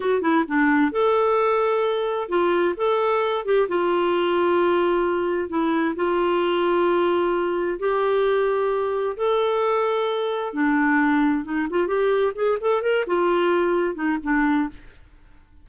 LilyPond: \new Staff \with { instrumentName = "clarinet" } { \time 4/4 \tempo 4 = 131 fis'8 e'8 d'4 a'2~ | a'4 f'4 a'4. g'8 | f'1 | e'4 f'2.~ |
f'4 g'2. | a'2. d'4~ | d'4 dis'8 f'8 g'4 gis'8 a'8 | ais'8 f'2 dis'8 d'4 | }